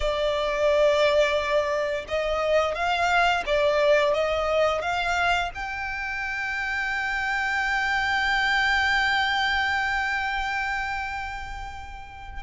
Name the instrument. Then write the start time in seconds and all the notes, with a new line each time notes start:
violin
0.00 D5
2.08 D#5
2.74 F5
3.45 D5
4.13 D#5
4.81 F5
5.54 G5